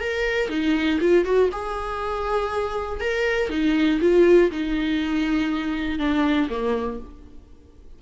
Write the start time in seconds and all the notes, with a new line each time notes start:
0.00 A#4
0.49 D#4
1.00 F4
1.25 F#4
1.52 G#4
3.00 A#4
3.49 D#4
4.01 F4
4.51 D#4
5.98 D4
6.49 A#3